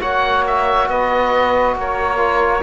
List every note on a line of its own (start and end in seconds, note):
0.00 0.88 A#3
0.00 2.17 F#4
0.00 0.87 C#5
0.00 0.44 F#5
0.46 0.88 E5
0.88 1.75 B3
0.88 1.76 B4
0.88 1.75 D#5
1.75 2.62 A#3
1.75 2.62 A#4
1.75 2.62 C#5
2.17 2.60 F4